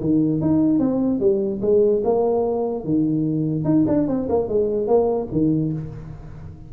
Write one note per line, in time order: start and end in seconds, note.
0.00 0.41 D#3
0.41 0.79 D#4
0.79 1.20 C4
1.20 1.60 G3
1.61 2.02 G#3
2.04 2.84 A#3
2.84 3.64 D#3
3.64 3.85 D#4
3.87 4.07 D4
4.07 4.28 C4
4.29 4.48 A#3
4.48 4.87 G#3
4.87 5.27 A#3
5.32 5.72 D#3